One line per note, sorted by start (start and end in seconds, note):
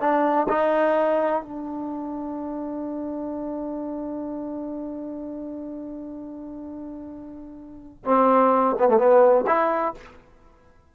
0.00 0.47 D4
0.49 1.43 D#4
1.43 8.04 D4
8.05 8.76 C4
8.79 8.88 B3
8.88 8.98 A3
8.98 9.45 B3
9.47 9.94 E4